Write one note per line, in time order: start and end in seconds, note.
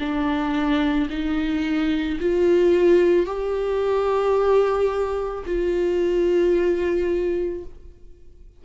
0.00 1.09 D4
1.10 2.19 D#4
2.20 3.26 F4
3.26 5.44 G4
5.46 7.64 F4